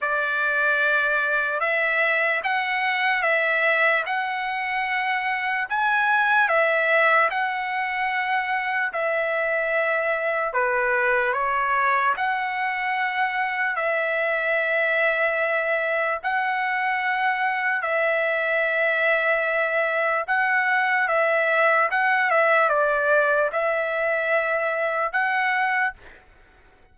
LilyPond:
\new Staff \with { instrumentName = "trumpet" } { \time 4/4 \tempo 4 = 74 d''2 e''4 fis''4 | e''4 fis''2 gis''4 | e''4 fis''2 e''4~ | e''4 b'4 cis''4 fis''4~ |
fis''4 e''2. | fis''2 e''2~ | e''4 fis''4 e''4 fis''8 e''8 | d''4 e''2 fis''4 | }